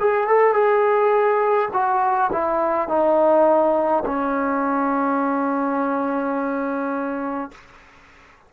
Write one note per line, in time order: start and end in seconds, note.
0.00 0.28 G#4
0.28 0.54 A4
0.54 1.69 G#4
1.73 2.31 F#4
2.32 2.88 E4
2.88 4.04 D#4
4.05 7.52 C#4